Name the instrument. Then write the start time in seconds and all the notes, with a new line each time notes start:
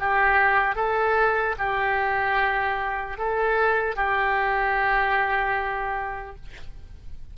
oboe
0.00 G4
0.76 A4
1.59 G4
3.18 A4
3.96 G4